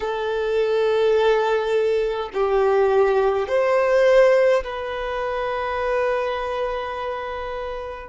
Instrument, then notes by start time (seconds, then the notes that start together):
violin
0.00 A4
2.33 G4
3.48 C5
4.63 B4